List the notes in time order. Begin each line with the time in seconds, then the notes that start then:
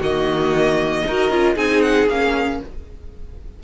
0.00 D#3 A#3 F#4 D#5
1.06 D#4 F#4 A#4
1.30 C#4 F4
1.55 C4 D#4 G#4 G#5
1.81 F#5
2.08 A#3 C#4 F5